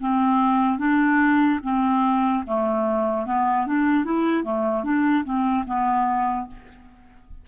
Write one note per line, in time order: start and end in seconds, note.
0.00 0.79 C4
0.79 1.60 D4
1.63 2.44 C4
2.47 3.26 A3
3.26 3.66 B3
3.66 4.05 D4
4.05 4.44 E4
4.44 4.84 A3
4.84 5.24 D4
5.24 5.65 C4
5.66 6.47 B3